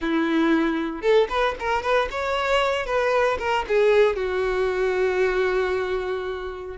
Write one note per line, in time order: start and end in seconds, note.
0.01 1.01 E4
1.01 1.27 A4
1.29 1.55 B4
1.59 1.82 A#4
1.82 2.08 B4
2.10 2.86 C#5
2.86 3.38 B4
3.39 3.65 A#4
3.68 4.16 G#4
4.16 6.77 F#4